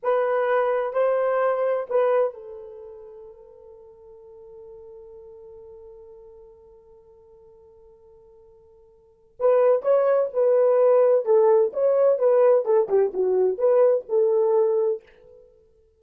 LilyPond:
\new Staff \with { instrumentName = "horn" } { \time 4/4 \tempo 4 = 128 b'2 c''2 | b'4 a'2.~ | a'1~ | a'1~ |
a'1 | b'4 cis''4 b'2 | a'4 cis''4 b'4 a'8 g'8 | fis'4 b'4 a'2 | }